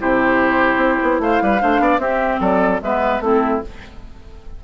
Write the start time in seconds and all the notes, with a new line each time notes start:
0.00 C3 E4 G4 C5
0.77 C4
1.03 B3
1.20 A3 C5 F5
1.42 G3 B4
1.60 A3 D4 C5
1.80 B3 D5
1.99 C4 G4 E5
2.40 F#3 A4 D5
2.82 G#3 B3 B4 E5
3.21 A3 C4 E4 A4